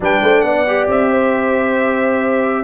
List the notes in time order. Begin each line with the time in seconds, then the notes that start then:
0.00 G3 D4 B4 G5
0.21 A3 C5
0.41 B3 D5 F#5
0.66 G4
0.88 C4 E5
1.11 C5